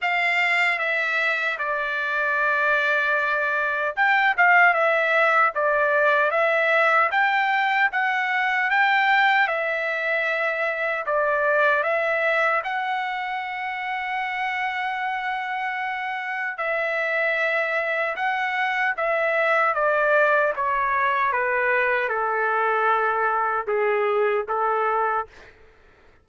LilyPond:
\new Staff \with { instrumentName = "trumpet" } { \time 4/4 \tempo 4 = 76 f''4 e''4 d''2~ | d''4 g''8 f''8 e''4 d''4 | e''4 g''4 fis''4 g''4 | e''2 d''4 e''4 |
fis''1~ | fis''4 e''2 fis''4 | e''4 d''4 cis''4 b'4 | a'2 gis'4 a'4 | }